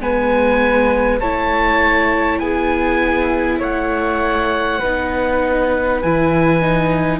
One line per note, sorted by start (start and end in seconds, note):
0.00 1.20 G#3
0.00 1.20 B3
0.00 1.20 B4
0.00 1.20 G#5
1.20 2.39 A3
1.20 4.82 E4
1.20 2.40 C#5
1.20 2.39 A5
2.39 3.59 B3
2.39 3.58 G#4
2.39 3.58 G#5
3.58 4.79 A3
3.58 4.79 C#5
3.58 6.02 F#5
4.79 6.03 B3
4.79 6.03 D#4
4.79 7.19 B4
6.02 7.20 E3
6.02 6.61 E4
6.02 7.20 G#5
6.61 7.20 D#4